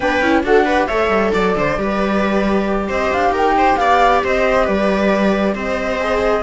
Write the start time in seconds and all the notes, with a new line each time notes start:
0.00 B3 D4 B4 G5
0.21 C#4 E4
0.43 D4 F#4 A4 F#5
0.65 G4 B4
0.87 A3 A4 C#5 E5
1.09 G3
1.33 F#3 D5
1.55 D3 C5
1.77 G3 G4 B4
2.87 C4 C5 D#5
3.12 D4 F5
3.30 D#4 A#4
3.37 G5
3.57 C5
3.76 B3 D5 F5
4.24 C4 C5 D#5
4.64 G3 B4 D5
5.54 C4 C5 D#5
5.99 G#4